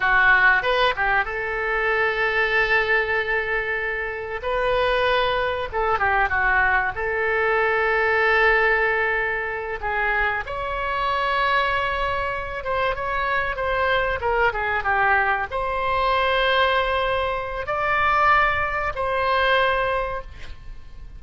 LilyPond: \new Staff \with { instrumentName = "oboe" } { \time 4/4 \tempo 4 = 95 fis'4 b'8 g'8 a'2~ | a'2. b'4~ | b'4 a'8 g'8 fis'4 a'4~ | a'2.~ a'8 gis'8~ |
gis'8 cis''2.~ cis''8 | c''8 cis''4 c''4 ais'8 gis'8 g'8~ | g'8 c''2.~ c''8 | d''2 c''2 | }